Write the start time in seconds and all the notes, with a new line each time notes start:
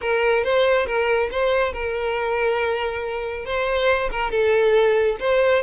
0.01 A#4
0.43 C5
0.86 A#4
1.31 C5
1.72 A#4
3.45 C5
4.11 A#4
4.30 A4
5.19 C5